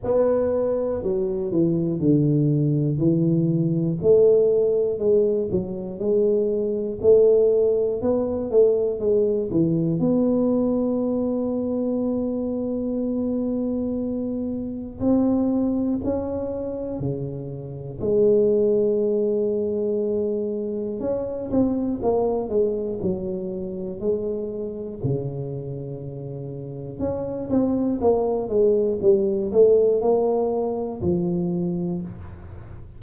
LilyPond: \new Staff \with { instrumentName = "tuba" } { \time 4/4 \tempo 4 = 60 b4 fis8 e8 d4 e4 | a4 gis8 fis8 gis4 a4 | b8 a8 gis8 e8 b2~ | b2. c'4 |
cis'4 cis4 gis2~ | gis4 cis'8 c'8 ais8 gis8 fis4 | gis4 cis2 cis'8 c'8 | ais8 gis8 g8 a8 ais4 f4 | }